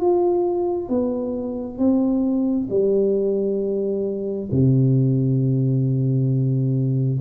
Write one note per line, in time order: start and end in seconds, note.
0.00 0.89 F4
0.89 1.78 B3
1.78 2.67 C4
2.69 4.49 G3
4.51 7.20 C3